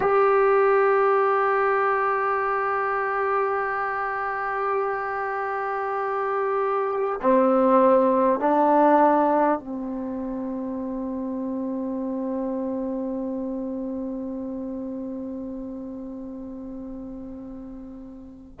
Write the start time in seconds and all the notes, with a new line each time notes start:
0.00 G4
7.21 C4
8.39 D4
9.59 C4